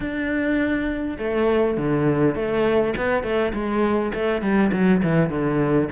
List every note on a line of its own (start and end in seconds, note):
0.00 1.17 D4
1.18 1.77 A3
1.77 2.35 D3
2.35 2.94 A3
2.97 3.23 B3
3.23 3.52 A3
3.53 4.12 G#3
4.14 4.41 A3
4.41 4.71 G3
4.72 5.02 F#3
5.02 5.29 E3
5.29 5.88 D3